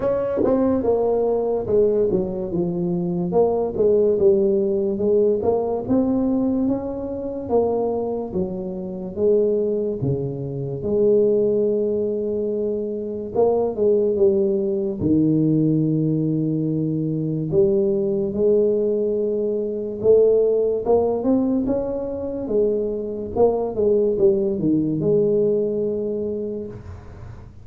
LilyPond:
\new Staff \with { instrumentName = "tuba" } { \time 4/4 \tempo 4 = 72 cis'8 c'8 ais4 gis8 fis8 f4 | ais8 gis8 g4 gis8 ais8 c'4 | cis'4 ais4 fis4 gis4 | cis4 gis2. |
ais8 gis8 g4 dis2~ | dis4 g4 gis2 | a4 ais8 c'8 cis'4 gis4 | ais8 gis8 g8 dis8 gis2 | }